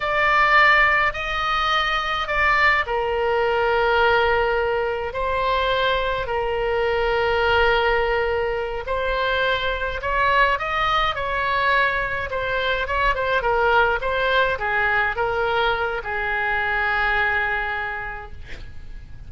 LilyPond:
\new Staff \with { instrumentName = "oboe" } { \time 4/4 \tempo 4 = 105 d''2 dis''2 | d''4 ais'2.~ | ais'4 c''2 ais'4~ | ais'2.~ ais'8 c''8~ |
c''4. cis''4 dis''4 cis''8~ | cis''4. c''4 cis''8 c''8 ais'8~ | ais'8 c''4 gis'4 ais'4. | gis'1 | }